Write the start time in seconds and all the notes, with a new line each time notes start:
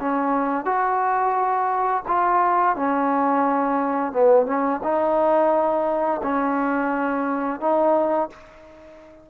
0.00 C#4
0.65 F#4
2.08 F4
2.76 C#4
4.13 B3
4.46 C#4
4.83 D#4
6.23 C#4
7.61 D#4